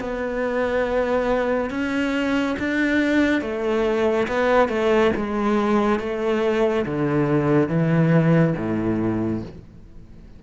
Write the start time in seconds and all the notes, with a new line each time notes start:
0.00 B3
1.71 C#4
2.59 D4
3.42 A3
4.28 B3
4.69 A3
5.16 G#3
6.00 A3
6.86 D3
7.69 E3
8.57 A2